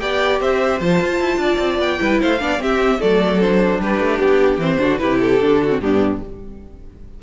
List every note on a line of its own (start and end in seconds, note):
0.00 0.41 B3
0.00 0.80 G4
0.00 0.41 D5
0.00 0.40 G5
0.41 0.80 C4
0.41 1.41 C5
0.41 0.81 E5
0.80 1.00 F3
0.80 1.99 F4
0.80 1.81 A5
1.02 1.21 F4
1.21 1.37 E4
1.37 1.57 D4
1.37 2.01 D5
1.59 1.79 C4
1.79 1.99 B3
1.79 2.21 G5
1.99 2.21 G3
1.99 2.39 E4
1.99 2.21 B4
2.21 2.41 A3
2.21 2.41 C5
2.21 2.62 F5
2.39 2.59 B3
2.39 2.59 D4
2.39 2.62 D5
2.59 2.99 C4
2.59 3.00 C4
2.59 3.00 G4
2.59 3.02 E5
3.00 3.80 F#3
3.00 3.40 A3
3.00 3.80 A4
3.00 3.41 D5
3.41 4.61 D4
3.41 3.81 C5
3.80 4.00 G3
3.80 4.81 G4
3.80 4.19 B4
4.00 4.19 A3
4.19 4.58 B3
4.19 4.59 G4
4.58 4.78 E3
4.58 4.79 C4
4.58 4.98 C5
4.79 5.02 D3
4.79 4.99 D4
4.79 5.01 F#4
4.98 5.42 C3
4.98 5.39 E4
4.98 5.62 G4
4.98 5.18 B4
5.20 5.80 A4
5.41 5.81 D3
5.41 5.70 D4
5.63 5.83 F#4
5.70 5.80 C4
5.81 6.21 G2
5.81 6.22 B3
5.81 6.23 D4
5.81 6.21 G4